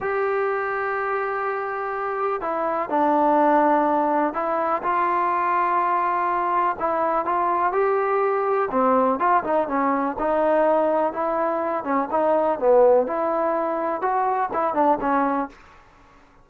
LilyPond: \new Staff \with { instrumentName = "trombone" } { \time 4/4 \tempo 4 = 124 g'1~ | g'4 e'4 d'2~ | d'4 e'4 f'2~ | f'2 e'4 f'4 |
g'2 c'4 f'8 dis'8 | cis'4 dis'2 e'4~ | e'8 cis'8 dis'4 b4 e'4~ | e'4 fis'4 e'8 d'8 cis'4 | }